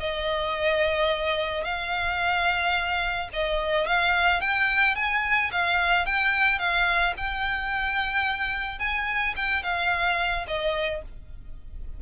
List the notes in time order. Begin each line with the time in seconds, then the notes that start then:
0.00 D#5
1.64 F5
3.33 D#5
3.87 F5
4.41 G5
4.96 G#5
5.52 F5
6.06 G5
6.59 F5
7.17 G5
8.79 G#5
9.37 G5
9.64 F5
10.48 D#5